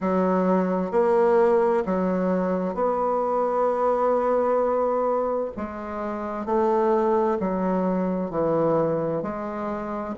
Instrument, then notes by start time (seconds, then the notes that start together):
bassoon
0.00 F#3
0.91 A#3
1.85 F#3
2.74 B3
5.56 G#3
6.45 A3
7.39 F#3
8.30 E3
9.22 G#3